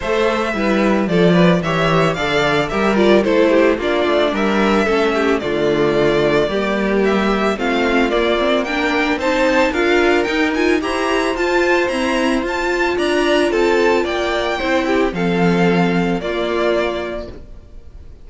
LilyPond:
<<
  \new Staff \with { instrumentName = "violin" } { \time 4/4 \tempo 4 = 111 e''2 d''4 e''4 | f''4 e''8 d''8 c''4 d''4 | e''2 d''2~ | d''4 e''4 f''4 d''4 |
g''4 a''4 f''4 g''8 gis''8 | ais''4 a''4 ais''4 a''4 | ais''4 a''4 g''2 | f''2 d''2 | }
  \new Staff \with { instrumentName = "violin" } { \time 4/4 c''4 b'4 a'8 b'8 cis''4 | d''4 ais'4 a'8 g'8 f'4 | ais'4 a'8 g'8 f'2 | g'2 f'2 |
ais'4 c''4 ais'2 | c''1 | d''4 a'4 d''4 c''8 g'8 | a'2 f'2 | }
  \new Staff \with { instrumentName = "viola" } { \time 4/4 a'4 e'4 f'4 g'4 | a'4 g'8 f'8 e'4 d'4~ | d'4 cis'4 a2 | ais2 c'4 ais8 c'8 |
d'4 dis'4 f'4 dis'8 f'8 | g'4 f'4 c'4 f'4~ | f'2. e'4 | c'2 ais2 | }
  \new Staff \with { instrumentName = "cello" } { \time 4/4 a4 g4 f4 e4 | d4 g4 a4 ais8 a8 | g4 a4 d2 | g2 a4 ais4~ |
ais4 c'4 d'4 dis'4 | e'4 f'4 e'4 f'4 | d'4 c'4 ais4 c'4 | f2 ais2 | }
>>